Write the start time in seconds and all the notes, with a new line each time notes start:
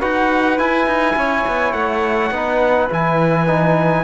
0.00 D#4 F#4 B4 F#5
0.59 E4 G#5
0.87 D#4
1.16 C#4 C#5
1.47 B3
1.73 A3 F#5
2.31 B3 D#4 B4
2.90 E3 E4 G#5
3.47 D#4